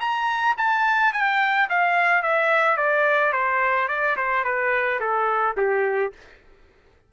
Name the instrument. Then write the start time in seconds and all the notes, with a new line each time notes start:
trumpet
0.00 A#5
0.57 A5
1.13 G5
1.69 F5
2.22 E5
2.77 D5
3.33 C5
3.88 D5
4.16 C5
4.44 B4
5.00 A4
5.57 G4